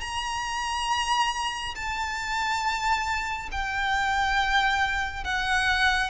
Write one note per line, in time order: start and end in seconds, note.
0.00 1.74 A#5
1.75 3.49 A5
3.51 5.24 G5
5.24 6.09 F#5